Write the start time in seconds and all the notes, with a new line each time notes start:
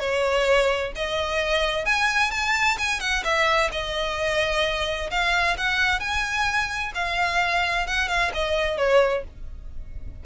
0.00 C#5
0.95 D#5
1.85 G#5
2.31 A5
2.78 G#5
3.00 F#5
3.24 E5
3.72 D#5
5.11 F5
5.57 F#5
6.00 G#5
6.95 F5
7.87 F#5
8.08 F5
8.34 D#5
8.78 C#5